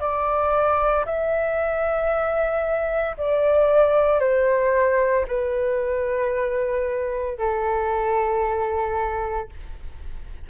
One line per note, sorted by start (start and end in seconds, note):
0.00 1.05 D5
1.06 3.16 E5
3.17 4.20 D5
4.20 5.25 C5
5.28 7.38 B4
7.38 9.49 A4